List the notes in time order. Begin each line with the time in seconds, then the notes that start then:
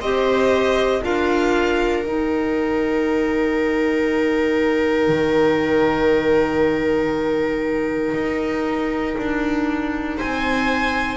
0.00 C4 G4 C5 D#5
1.02 D4 F4 A#4 F5
2.04 D#4 G5
5.08 D#3
8.14 D#4
9.18 D4
10.17 C4 C5 G#5